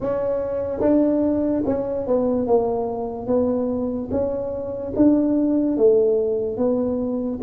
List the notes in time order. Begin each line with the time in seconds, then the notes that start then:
0.00 C#4
0.80 D4
1.66 C#4
2.07 B3
2.46 A#3
3.27 B3
4.11 C#4
4.95 D4
5.77 A3
6.57 B3